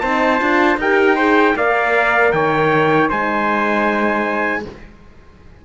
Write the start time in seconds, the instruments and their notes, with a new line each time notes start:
0.00 cello C4, horn D#4, trumpet C5 A5
0.39 cello D4, horn F4
0.77 cello D#4, horn G4, trumpet A#4 G5
1.16 horn G#4, trumpet C5
1.55 cello A#3, horn A#4, trumpet D5 F5
2.32 cello D#3, trumpet C#5 G5
3.09 cello G#3, horn D#4, trumpet C5 G#5